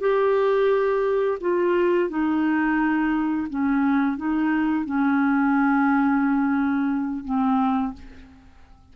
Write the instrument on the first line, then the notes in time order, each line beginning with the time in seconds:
clarinet
0.00 G4
1.41 F4
2.09 D#4
3.50 C#4
4.17 D#4
4.85 C#4
7.24 C4